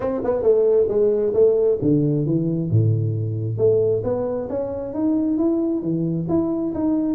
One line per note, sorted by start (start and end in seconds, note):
0.00 0.21 C4
0.23 0.42 B3
0.42 0.87 A3
0.88 1.33 G#3
1.33 1.78 A3
1.81 2.26 D3
2.26 2.70 E3
2.70 3.57 A2
3.57 4.02 A3
4.03 4.48 B3
4.49 4.93 C#4
4.93 5.37 D#4
5.37 5.81 E4
5.81 6.26 E3
6.28 6.73 E4
6.74 7.14 D#4